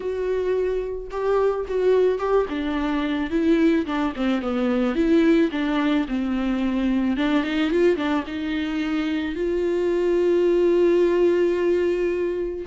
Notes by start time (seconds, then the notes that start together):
0.00 F#4
1.10 G4
1.68 F#4
2.18 G4
2.49 D4
3.30 E4
3.85 D4
4.16 C4
4.41 B3
4.95 E4
5.51 D4
6.08 C4
7.16 D4
7.43 D#4
7.71 F4
7.96 D4
8.26 D#4
9.35 F4